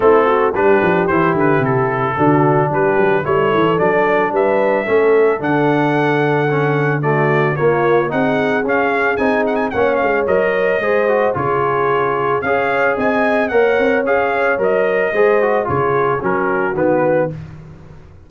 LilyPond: <<
  \new Staff \with { instrumentName = "trumpet" } { \time 4/4 \tempo 4 = 111 a'4 b'4 c''8 b'8 a'4~ | a'4 b'4 cis''4 d''4 | e''2 fis''2~ | fis''4 d''4 cis''4 fis''4 |
f''4 gis''8 fis''16 gis''16 fis''8 f''8 dis''4~ | dis''4 cis''2 f''4 | gis''4 fis''4 f''4 dis''4~ | dis''4 cis''4 ais'4 b'4 | }
  \new Staff \with { instrumentName = "horn" } { \time 4/4 e'8 fis'8 g'2. | fis'4 g'4 a'2 | b'4 a'2.~ | a'4 fis'4 f'4 gis'4~ |
gis'2 cis''2 | c''4 gis'2 cis''4 | dis''4 cis''2. | c''4 gis'4 fis'2 | }
  \new Staff \with { instrumentName = "trombone" } { \time 4/4 c'4 d'4 e'2 | d'2 e'4 d'4~ | d'4 cis'4 d'2 | cis'4 a4 ais4 dis'4 |
cis'4 dis'4 cis'4 ais'4 | gis'8 fis'8 f'2 gis'4~ | gis'4 ais'4 gis'4 ais'4 | gis'8 fis'8 f'4 cis'4 b4 | }
  \new Staff \with { instrumentName = "tuba" } { \time 4/4 a4 g8 f8 e8 d8 c4 | d4 g8 fis8 g8 e8 fis4 | g4 a4 d2~ | d2 ais4 c'4 |
cis'4 c'4 ais8 gis8 fis4 | gis4 cis2 cis'4 | c'4 ais8 c'8 cis'4 fis4 | gis4 cis4 fis4 dis4 | }
>>